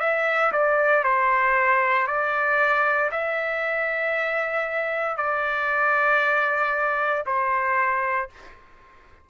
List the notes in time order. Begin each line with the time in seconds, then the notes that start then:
0.00 E5
0.52 D5
1.03 C5
2.07 D5
3.11 E5
5.17 D5
7.26 C5